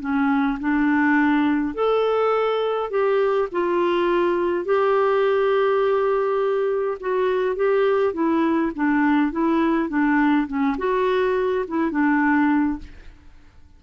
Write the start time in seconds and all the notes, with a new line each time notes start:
0.00 C#4
0.60 D4
1.74 A4
2.90 G4
3.52 F4
4.65 G4
7.00 F#4
7.55 G4
8.13 E4
8.75 D4
9.32 E4
9.89 D4
10.47 C#4
10.78 F#4
11.68 E4
11.91 D4